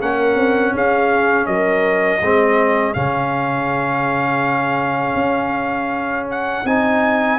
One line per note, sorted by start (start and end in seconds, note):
0.00 0.36 A#3
0.00 2.22 C#4
0.00 0.74 A#4
0.00 0.76 F#5
0.36 0.73 C4
0.74 1.47 C#4
0.74 1.48 G#4
0.74 1.46 F5
1.46 2.21 F#3
1.46 2.22 A#4
1.46 2.94 D#5
2.21 2.96 G#3
2.21 2.95 C4
2.21 7.39 G#4
2.94 5.15 C#3
2.94 6.66 C#4
2.94 6.27 F5
5.15 6.63 C#4
6.31 6.67 F#5
6.65 7.39 C4
6.65 7.39 D#4
6.65 7.39 G#5